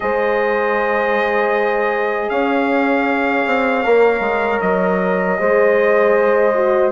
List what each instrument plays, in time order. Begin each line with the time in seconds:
0.00 bassoon G#3, horn G#4 C5, trumpet D#5
2.29 bassoon C#4, horn C#5, trumpet F5
3.46 bassoon C4
3.83 bassoon A#3, horn A#4
4.20 bassoon G#3
4.60 bassoon F#3, trumpet D#5
5.37 bassoon G#3, horn G#4 C5
6.54 horn F#4